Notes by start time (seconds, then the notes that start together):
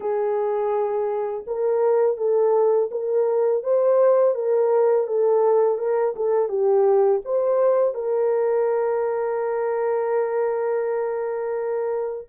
0.00 G#4
1.46 A#4
2.17 A4
2.91 A#4
3.63 C5
4.34 A#4
5.07 A4
5.78 A#4
6.15 A4
6.49 G4
7.24 C5
7.94 A#4